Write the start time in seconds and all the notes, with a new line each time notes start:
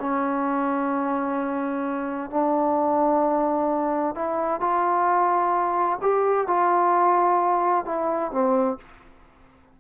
0.00 C#4
2.31 D4
4.16 E4
4.60 F4
6.02 G4
6.47 F4
7.85 E4
8.32 C4